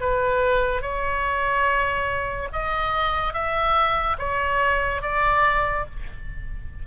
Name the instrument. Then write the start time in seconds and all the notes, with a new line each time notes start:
oboe
0.00 B4
0.81 C#5
2.52 D#5
3.33 E5
4.18 C#5
5.02 D5